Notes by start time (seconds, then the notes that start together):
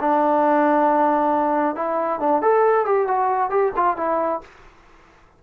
0.00 D4
1.75 E4
2.20 D4
2.41 A4
2.85 G4
3.07 F#4
3.50 G4
3.76 F4
3.97 E4